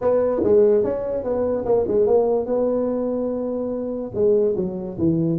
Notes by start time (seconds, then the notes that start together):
0.01 B3
0.43 G#3
0.84 C#4
1.23 B3
1.65 A#3
1.87 G#3
2.06 A#3
2.46 B3
4.14 G#3
4.56 F#3
4.97 E3